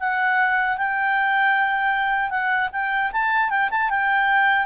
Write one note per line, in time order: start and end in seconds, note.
0.00 0.77 F#5
0.77 2.30 G5
2.30 2.69 F#5
2.72 3.11 G5
3.12 3.50 A5
3.50 3.69 G5
3.70 3.90 A5
3.90 4.66 G5